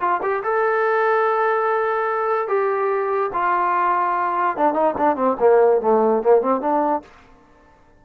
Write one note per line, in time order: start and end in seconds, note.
0.00 0.21 F4
0.22 0.43 G4
0.43 2.48 A4
2.48 3.31 G4
3.33 4.57 F4
4.57 4.73 D4
4.73 4.94 D#4
4.97 5.16 D4
5.16 5.37 C4
5.40 5.81 A#3
5.81 6.23 A3
6.23 6.41 A#3
6.41 6.61 C4
6.61 7.02 D4